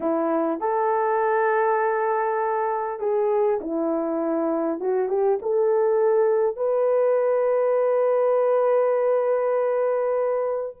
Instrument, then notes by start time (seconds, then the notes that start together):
horn
0.00 E4
0.60 A4
2.99 G#4
3.60 E4
4.80 F#4
5.08 G4
5.42 A4
6.56 B4